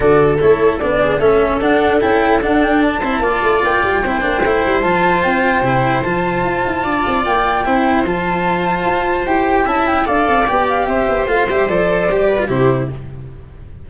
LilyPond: <<
  \new Staff \with { instrumentName = "flute" } { \time 4/4 \tempo 4 = 149 d''4 cis''4 d''4 e''4 | fis''4 g''4 fis''8 g''8 a''4~ | a''4 g''2. | a''4 g''2 a''4~ |
a''2 g''2 | a''2. g''4 | a''8 g''8 f''4 g''8 f''8 e''4 | f''8 e''8 d''2 c''4 | }
  \new Staff \with { instrumentName = "viola" } { \time 4/4 a'2~ a'8 gis'8 a'4~ | a'2.~ a'8 c''8 | d''2 c''2~ | c''1~ |
c''4 d''2 c''4~ | c''1 | e''4 d''2 c''4~ | c''2~ c''8 b'8 g'4 | }
  \new Staff \with { instrumentName = "cello" } { \time 4/4 fis'4 e'4 d'4 cis'4 | d'4 e'4 d'4. e'8 | f'2 e'8 d'8 e'4 | f'2 e'4 f'4~ |
f'2. e'4 | f'2. g'4 | e'4 a'4 g'2 | f'8 g'8 a'4 g'8. f'16 e'4 | }
  \new Staff \with { instrumentName = "tuba" } { \time 4/4 d4 a4 b4 a4 | d'4 cis'4 d'4. c'8 | ais8 a8 ais8 g8 c'8 ais8 a8 g8 | f4 c'4 c4 f4 |
f'8 e'8 d'8 c'8 ais4 c'4 | f2 f'4 e'4 | cis'4 d'8 c'8 b4 c'8 b8 | a8 g8 f4 g4 c4 | }
>>